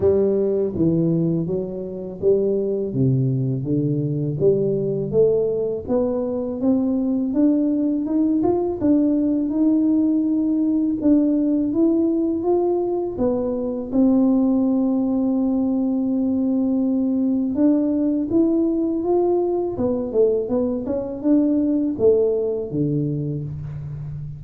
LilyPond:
\new Staff \with { instrumentName = "tuba" } { \time 4/4 \tempo 4 = 82 g4 e4 fis4 g4 | c4 d4 g4 a4 | b4 c'4 d'4 dis'8 f'8 | d'4 dis'2 d'4 |
e'4 f'4 b4 c'4~ | c'1 | d'4 e'4 f'4 b8 a8 | b8 cis'8 d'4 a4 d4 | }